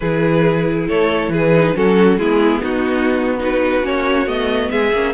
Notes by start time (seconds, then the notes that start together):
0.00 E3 E4 G#4 B4
0.88 A3 A4 C#5
1.28 E3 G#4 B4
1.53 D#4
1.75 F#3 C#4 F#4 A4
2.18 G#3 B3 E4 G#4
2.62 B3 D#4 F#4
3.39 D#4 F#4 B4
3.83 A#3 C#4 C#5
4.26 A3 B3 D#5
4.71 G#3 G#4 E5
4.92 A#3 C#4